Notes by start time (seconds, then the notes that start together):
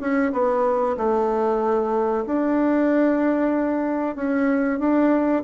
0.00 C#4
0.32 B3
0.97 A3
2.26 D4
4.15 C#4
4.79 D4